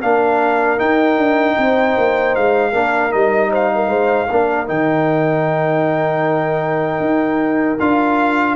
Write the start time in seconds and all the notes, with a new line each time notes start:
0.00 A#3 D4 A#4 F5
0.78 D#4 G5
1.18 D4
1.58 C4 C5
1.98 A#3
2.36 G#3 F5
2.72 A#3 D4 A#4
3.11 G3 D#4 D#5
3.51 C5 F5
3.75 A#4
3.88 G#3 C5
4.31 A#3 D4 A#4
4.67 D#3 D#4 G5
7.01 D#4
7.80 D4 F4 F5